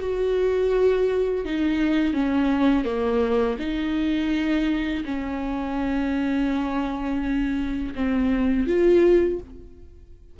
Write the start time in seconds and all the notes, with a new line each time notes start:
0.00 F#4
1.45 D#4
2.13 C#4
2.84 A#3
3.59 D#4
5.05 C#4
7.95 C4
8.67 F4